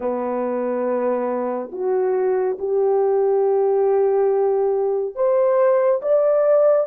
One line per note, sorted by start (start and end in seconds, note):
0.00 1.70 B3
1.71 2.57 F#4
2.58 5.15 G4
5.15 6.00 C5
6.02 6.87 D5